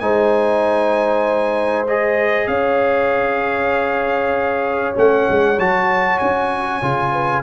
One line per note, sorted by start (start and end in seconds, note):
0.00 2.48 G#3
0.00 1.87 D#4
0.00 2.50 C5
0.00 1.86 G#5
1.87 4.95 G#4
1.87 2.48 D#5
2.48 4.95 C#4
2.48 7.12 C#5
2.48 4.95 F5
4.95 5.28 A3
4.95 5.56 C#4
4.95 5.60 F#5
5.30 5.59 G#3
5.59 6.20 F#3
5.59 6.82 F#4
5.59 6.19 A5
6.19 6.82 C#4
6.19 7.42 G#5
6.82 7.43 C#3
6.82 7.43 F4
7.12 7.43 B4